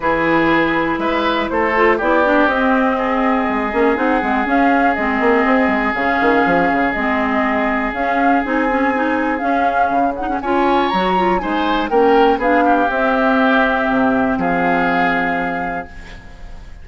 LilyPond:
<<
  \new Staff \with { instrumentName = "flute" } { \time 4/4 \tempo 4 = 121 b'2 e''4 c''4 | d''4 dis''2. | fis''4 f''4 dis''2 | f''2 dis''2 |
f''4 gis''2 f''4~ | f''8 fis''8 gis''4 ais''4 gis''4 | g''4 f''4 e''2~ | e''4 f''2. | }
  \new Staff \with { instrumentName = "oboe" } { \time 4/4 gis'2 b'4 a'4 | g'2 gis'2~ | gis'1~ | gis'1~ |
gis'1~ | gis'4 cis''2 c''4 | ais'4 gis'8 g'2~ g'8~ | g'4 gis'2. | }
  \new Staff \with { instrumentName = "clarinet" } { \time 4/4 e'2.~ e'8 f'8 | e'8 d'8 c'2~ c'8 cis'8 | dis'8 c'8 cis'4 c'2 | cis'2 c'2 |
cis'4 dis'8 cis'8 dis'4 cis'4~ | cis'8 dis'16 cis'16 f'4 fis'8 f'8 dis'4 | cis'4 d'4 c'2~ | c'1 | }
  \new Staff \with { instrumentName = "bassoon" } { \time 4/4 e2 gis4 a4 | b4 c'2 gis8 ais8 | c'8 gis8 cis'4 gis8 ais8 c'8 gis8 | cis8 dis8 f8 cis8 gis2 |
cis'4 c'2 cis'4 | cis4 cis'4 fis4 gis4 | ais4 b4 c'2 | c4 f2. | }
>>